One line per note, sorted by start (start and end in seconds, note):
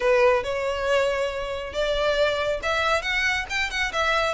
0.00 0.43 B4
0.43 1.73 C#5
1.73 2.60 D5
2.62 3.02 E5
3.02 3.45 F#5
3.49 3.70 G5
3.70 3.92 F#5
3.92 4.34 E5